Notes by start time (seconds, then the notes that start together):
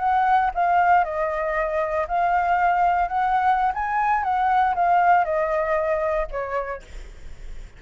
0.00 F#5
0.55 F5
1.04 D#5
2.08 F5
3.09 F#5
3.75 G#5
4.24 F#5
4.76 F5
5.25 D#5
6.31 C#5